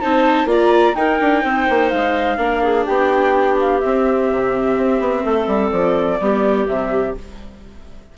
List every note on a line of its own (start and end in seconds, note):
0.00 0.45 C4
0.00 0.46 D#4
0.00 0.48 C5
0.00 0.48 A5
0.45 0.92 A#3
0.45 0.94 F4
0.45 0.96 D5
0.51 0.95 A#5
0.95 1.19 D#4
0.95 2.37 D#4
0.95 1.42 A#4
0.95 1.89 G5
1.20 1.44 D4
1.42 1.68 C4
1.42 2.37 C5
1.69 1.92 A#3
1.89 2.38 G#3
1.89 2.84 F5
2.37 2.85 A#3
2.37 3.80 D4
2.37 2.62 A#4
2.63 2.86 G#4
2.86 3.83 B3
2.86 5.23 G4
2.86 3.57 G5
3.60 3.80 F5
3.80 6.20 C4
3.80 4.31 C4
3.80 5.70 E5
4.31 4.77 C3
4.77 5.00 C4
5.00 5.24 B3
5.23 5.47 A3
5.23 6.19 A4
5.47 5.71 G3
5.70 6.19 F3
5.70 6.65 D5
6.20 6.67 G3
6.20 6.65 B3
6.20 7.17 G4
6.65 7.16 C3
6.65 7.13 G3
6.65 7.15 E5